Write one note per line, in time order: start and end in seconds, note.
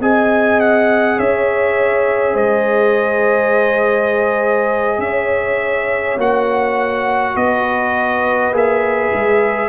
0.00 1.18 C4
0.00 6.19 G#4
0.00 1.17 D#5
0.00 0.60 G#5
0.60 1.19 F#5
1.17 2.34 C#4
1.17 2.34 C#5
1.17 2.36 E5
2.34 4.98 G#3
2.34 4.98 C5
2.34 5.00 D#5
4.98 6.16 C#4
4.98 7.37 C#5
4.98 6.18 E5
6.17 7.35 A#3
6.17 8.53 F#4
6.17 7.36 F#5
7.36 8.51 B3
7.36 9.68 B4
7.36 8.54 D#5
8.51 9.10 A#3
8.51 9.68 G#4
8.51 9.68 E5
9.13 9.68 G#3